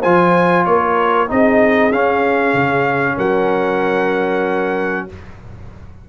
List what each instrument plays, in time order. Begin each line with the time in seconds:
0.00 tuba F3, trombone F4, horn C5, trumpet G#5
0.65 tuba A#3, horn A#4, trumpet C#5
1.28 tuba C4, trombone D#4, horn G#4, trumpet D#5
1.92 tuba C#4, trombone C#4, trumpet F5
2.54 tuba C#3
3.16 tuba F#3, horn A#4, trumpet F#5